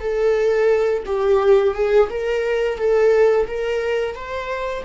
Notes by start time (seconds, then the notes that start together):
0.00 A4
1.06 G4
1.75 G#4
2.09 A#4
2.78 A4
3.47 A#4
4.15 C5